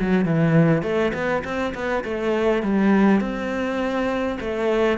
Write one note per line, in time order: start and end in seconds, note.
0.00 0.25 F#3
0.25 0.83 E3
0.83 1.12 A3
1.14 1.43 B3
1.44 1.73 C4
1.74 2.04 B3
2.04 2.62 A3
2.62 3.21 G3
3.21 4.38 C4
4.40 4.98 A3